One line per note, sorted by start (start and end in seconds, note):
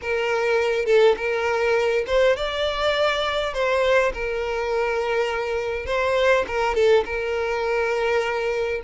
0.01 0.85 A#4
0.85 1.15 A4
1.16 2.05 A#4
2.06 2.36 C5
2.36 3.53 D5
3.53 4.12 C5
4.13 5.86 A#4
5.86 6.45 C5
6.47 6.74 A#4
6.74 7.04 A4
7.05 8.81 A#4